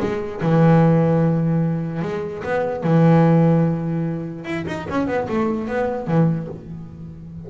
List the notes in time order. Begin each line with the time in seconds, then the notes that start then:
0.00 G#3
0.41 E3
2.02 G#3
2.43 B3
2.83 E3
4.45 E4
4.67 D#4
4.89 C#4
5.07 B3
5.29 A3
5.67 B3
6.07 E3